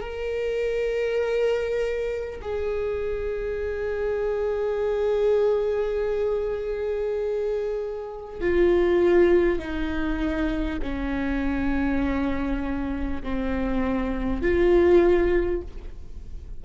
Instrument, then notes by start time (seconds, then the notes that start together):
viola
0.00 A#4
2.41 G#4
8.41 F4
9.58 D#4
10.82 C#4
13.22 C4
14.42 F4